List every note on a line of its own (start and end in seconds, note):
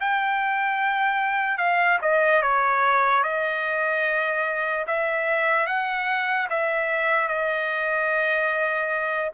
0.00 1.58 G5
1.58 1.98 F5
2.02 2.42 D#5
2.42 3.23 C#5
3.23 4.85 D#5
4.87 5.66 E5
5.66 6.48 F#5
6.49 7.28 E5
7.28 9.31 D#5